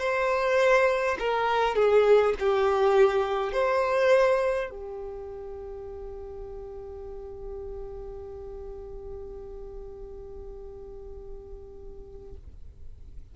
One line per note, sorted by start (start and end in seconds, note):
0.00 1.18 C5
1.19 1.76 A#4
1.76 2.35 G#4
2.40 3.53 G4
3.53 4.71 C5
4.71 12.35 G4